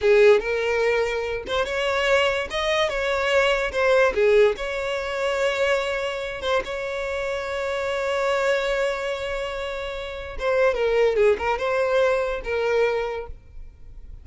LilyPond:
\new Staff \with { instrumentName = "violin" } { \time 4/4 \tempo 4 = 145 gis'4 ais'2~ ais'8 c''8 | cis''2 dis''4 cis''4~ | cis''4 c''4 gis'4 cis''4~ | cis''2.~ cis''8 c''8 |
cis''1~ | cis''1~ | cis''4 c''4 ais'4 gis'8 ais'8 | c''2 ais'2 | }